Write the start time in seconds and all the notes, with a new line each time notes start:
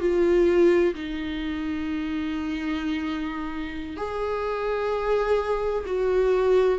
0.00 F4
0.94 D#4
3.97 G#4
5.86 F#4